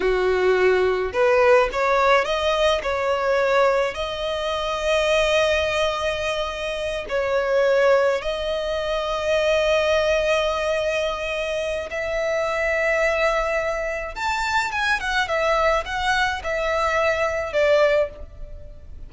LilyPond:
\new Staff \with { instrumentName = "violin" } { \time 4/4 \tempo 4 = 106 fis'2 b'4 cis''4 | dis''4 cis''2 dis''4~ | dis''1~ | dis''8 cis''2 dis''4.~ |
dis''1~ | dis''4 e''2.~ | e''4 a''4 gis''8 fis''8 e''4 | fis''4 e''2 d''4 | }